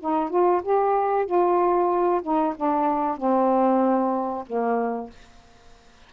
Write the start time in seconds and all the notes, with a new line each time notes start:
0.00 D#4
0.30 F4
0.63 G4
1.26 F4
2.23 D#4
2.56 D4
3.17 C4
4.47 A#3